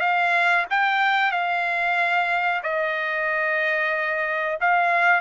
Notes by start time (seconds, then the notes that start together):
0.00 F5
0.70 G5
1.31 F5
2.63 D#5
4.60 F5